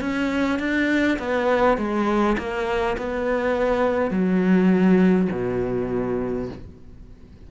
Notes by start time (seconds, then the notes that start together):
0.00 C#4
0.59 D4
1.19 B3
1.78 G#3
2.37 A#3
2.97 B3
4.10 F#3
5.31 B2